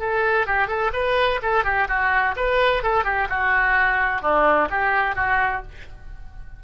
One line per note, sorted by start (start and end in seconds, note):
0.00 0.47 A4
0.47 0.68 G4
0.68 0.91 A4
0.94 1.40 B4
1.43 1.64 A4
1.64 1.88 G4
1.89 2.36 F#4
2.37 2.83 B4
2.84 3.05 A4
3.05 3.28 G4
3.30 4.22 F#4
4.22 4.69 D4
4.70 5.16 G4
5.16 5.63 F#4